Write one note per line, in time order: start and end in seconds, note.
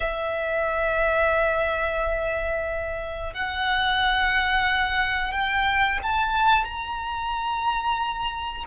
0.00 3.33 E5
3.33 5.32 F#5
5.32 5.98 G5
6.02 6.64 A5
6.64 8.64 A#5